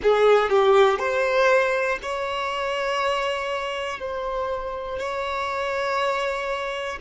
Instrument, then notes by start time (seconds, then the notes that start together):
violin
0.02 G#4
0.49 G4
0.99 C5
2.02 C#5
3.99 C5
4.98 C#5